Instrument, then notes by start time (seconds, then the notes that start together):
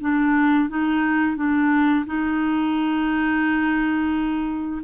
clarinet
0.00 D4
0.69 D#4
1.36 D4
2.06 D#4